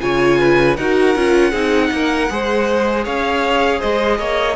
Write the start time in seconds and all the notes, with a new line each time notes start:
0.00 C#3 F4 C#5 G#5
0.39 B4
0.76 D#4 F#4 A#4 F#5
1.15 C#4 F4
1.51 C4 D#4 G#4
1.91 A#3 A#4
2.29 G#3 G#4 C5
3.04 C#4 C#5 F5
3.79 G#3 C5 D#5
4.19 A#3 C#5